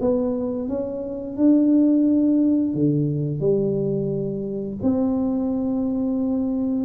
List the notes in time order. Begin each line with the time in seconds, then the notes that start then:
0.00 B3
0.68 C#4
1.37 D4
2.74 D3
3.40 G3
4.82 C4